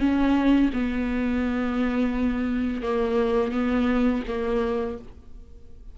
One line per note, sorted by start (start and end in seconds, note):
0.00 0.71 C#4
0.73 2.83 B3
2.83 3.52 A#3
3.52 4.23 B3
4.28 4.98 A#3